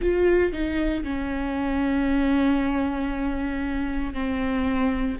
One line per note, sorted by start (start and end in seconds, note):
0.00 0.52 F4
0.52 1.03 D#4
1.03 4.13 C#4
4.13 5.17 C4